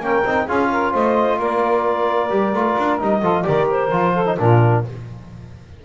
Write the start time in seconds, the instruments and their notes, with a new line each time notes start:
0.00 double bass A#3, trombone C#4, saxophone A#4, clarinet G5
0.24 double bass C4, trombone D#4
0.46 double bass C#4, trombone F4, saxophone G#4, clarinet F5
0.71 saxophone A#4
0.91 double bass A3, saxophone C5, clarinet D#5
1.39 double bass A#3, saxophone A#4, clarinet D5
2.29 double bass G3, trombone G4
2.53 double bass A3, trombone F4
2.78 double bass D4
2.99 double bass G3, trombone D#4, clarinet D#5
3.20 double bass F3, trombone F4, saxophone A4
3.43 double bass D#3, trombone G4, saxophone A#4, clarinet D5
3.70 clarinet C5
3.91 double bass F3, trombone F4
4.13 saxophone A4
4.25 trombone D#4
4.38 double bass A#2, trombone D4, saxophone F4, clarinet A#4